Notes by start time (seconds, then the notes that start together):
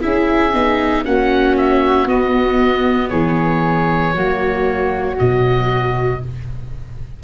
0.00 C#4 E4 G#4 E5
0.52 B3 D#4
1.04 A#3 C#4 F#4 F#5
1.56 E5
2.05 B3 D#5
3.09 E3 G#4 C#5
4.14 F#3 A#3 F#4
5.16 B2 F#3 D#5